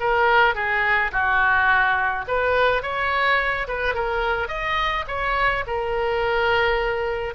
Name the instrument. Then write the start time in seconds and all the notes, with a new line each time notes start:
oboe
0.00 A#4
0.55 G#4
1.12 F#4
2.28 B4
2.83 C#5
3.68 B4
3.94 A#4
4.48 D#5
5.08 C#5
5.67 A#4